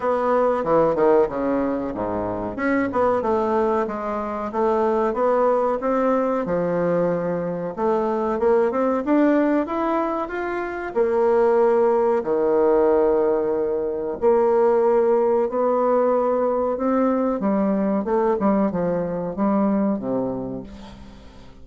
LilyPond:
\new Staff \with { instrumentName = "bassoon" } { \time 4/4 \tempo 4 = 93 b4 e8 dis8 cis4 gis,4 | cis'8 b8 a4 gis4 a4 | b4 c'4 f2 | a4 ais8 c'8 d'4 e'4 |
f'4 ais2 dis4~ | dis2 ais2 | b2 c'4 g4 | a8 g8 f4 g4 c4 | }